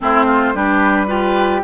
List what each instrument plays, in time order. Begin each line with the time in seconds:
0.00 bassoon A3, clarinet C4, oboe E4, flute C5
0.25 oboe F4
0.53 bassoon G3, clarinet D4, oboe G4, flute B4
1.06 clarinet F4, flute G4, oboe B4